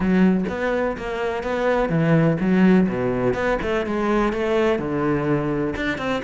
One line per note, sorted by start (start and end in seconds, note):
0.00 0.45 F#3
0.48 0.96 B3
0.97 1.43 A#3
1.43 1.89 B3
1.89 2.37 E3
2.40 2.88 F#3
2.88 3.33 B2
3.33 3.57 B3
3.62 3.86 A3
3.86 4.32 G#3
4.32 4.78 A3
4.78 5.74 D3
5.76 5.98 D4
5.98 6.22 C4